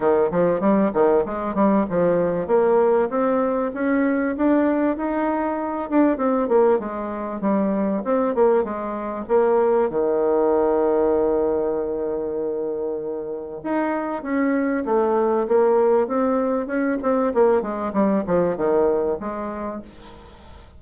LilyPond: \new Staff \with { instrumentName = "bassoon" } { \time 4/4 \tempo 4 = 97 dis8 f8 g8 dis8 gis8 g8 f4 | ais4 c'4 cis'4 d'4 | dis'4. d'8 c'8 ais8 gis4 | g4 c'8 ais8 gis4 ais4 |
dis1~ | dis2 dis'4 cis'4 | a4 ais4 c'4 cis'8 c'8 | ais8 gis8 g8 f8 dis4 gis4 | }